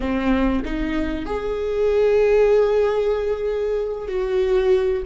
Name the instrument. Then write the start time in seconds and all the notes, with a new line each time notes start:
viola
0.00 C4
0.64 D#4
1.25 G#4
4.07 F#4